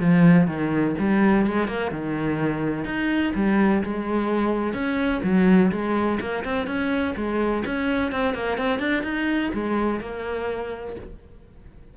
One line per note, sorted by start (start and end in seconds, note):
0.00 0.47 F3
0.47 0.95 D#3
0.99 1.46 G3
1.46 1.68 G#3
1.68 1.91 A#3
1.91 2.84 D#3
2.84 3.32 D#4
3.35 3.82 G3
3.83 4.74 G#3
4.74 5.21 C#4
5.23 5.71 F#3
5.72 6.19 G#3
6.20 6.44 A#3
6.44 6.67 C4
6.67 7.14 C#4
7.16 7.64 G#3
7.66 8.11 C#4
8.11 8.34 C4
8.34 8.58 A#3
8.58 8.79 C4
8.79 9.03 D4
9.03 9.51 D#4
9.53 10.00 G#3
10.00 10.95 A#3